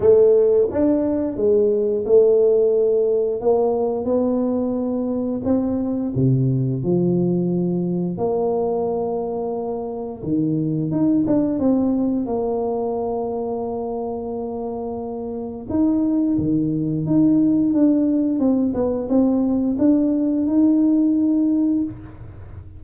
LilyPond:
\new Staff \with { instrumentName = "tuba" } { \time 4/4 \tempo 4 = 88 a4 d'4 gis4 a4~ | a4 ais4 b2 | c'4 c4 f2 | ais2. dis4 |
dis'8 d'8 c'4 ais2~ | ais2. dis'4 | dis4 dis'4 d'4 c'8 b8 | c'4 d'4 dis'2 | }